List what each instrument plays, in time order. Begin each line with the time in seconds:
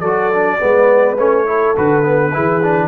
0.00 tuba F#3, trombone F#4, horn A4, trumpet D5
0.33 trombone D4
0.60 tuba G#3, trombone B3, horn B4
1.18 tuba A3, trombone C#4, trumpet C#5
1.46 trombone E4, horn A4
1.76 tuba D3, trombone F#4, trumpet B4
2.03 trombone B3
2.33 tuba E3, trombone E4, horn G#4
2.63 trombone D4